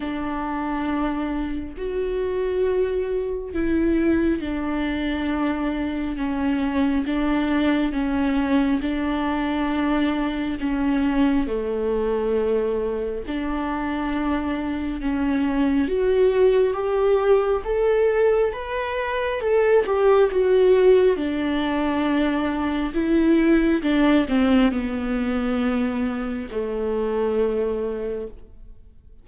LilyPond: \new Staff \with { instrumentName = "viola" } { \time 4/4 \tempo 4 = 68 d'2 fis'2 | e'4 d'2 cis'4 | d'4 cis'4 d'2 | cis'4 a2 d'4~ |
d'4 cis'4 fis'4 g'4 | a'4 b'4 a'8 g'8 fis'4 | d'2 e'4 d'8 c'8 | b2 a2 | }